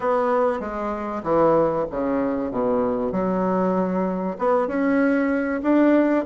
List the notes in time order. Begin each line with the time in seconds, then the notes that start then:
0.00 B3
0.60 G#3
1.23 E3
1.91 C#3
2.51 B2
3.12 F#3
4.38 B3
4.67 C#4
5.62 D4